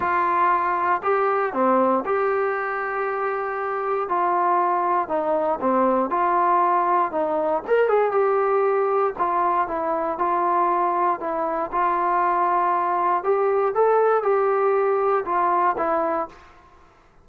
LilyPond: \new Staff \with { instrumentName = "trombone" } { \time 4/4 \tempo 4 = 118 f'2 g'4 c'4 | g'1 | f'2 dis'4 c'4 | f'2 dis'4 ais'8 gis'8 |
g'2 f'4 e'4 | f'2 e'4 f'4~ | f'2 g'4 a'4 | g'2 f'4 e'4 | }